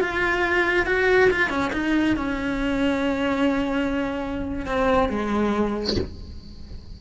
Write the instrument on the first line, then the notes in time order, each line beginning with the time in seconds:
cello
0.00 F4
0.86 F#4
1.30 F4
1.49 C#4
1.73 D#4
2.16 C#4
4.66 C4
5.09 G#3